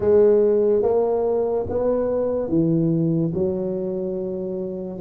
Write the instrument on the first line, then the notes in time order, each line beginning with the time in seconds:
tuba
0.00 G#3
0.82 A#3
1.69 B3
2.48 E3
3.33 F#3